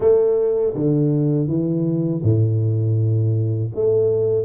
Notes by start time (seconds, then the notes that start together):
0.00 A3
0.74 D3
1.47 E3
2.22 A2
3.74 A3